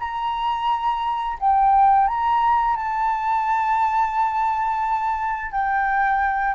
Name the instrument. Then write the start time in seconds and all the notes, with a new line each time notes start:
flute
0.00 A#5
1.40 G5
2.08 A#5
2.76 A5
5.51 G5